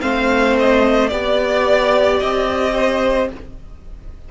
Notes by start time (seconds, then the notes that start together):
0.00 A3 C4 C5 F5
0.59 D#5
1.07 B3 G4 D5
2.19 C4 D#5
2.74 C5